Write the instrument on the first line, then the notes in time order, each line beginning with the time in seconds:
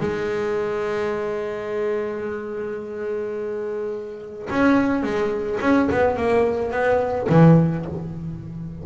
double bass
0.00 G#3
4.50 C#4
5.03 G#3
5.61 C#4
5.92 B3
6.17 A#3
6.71 B3
7.29 E3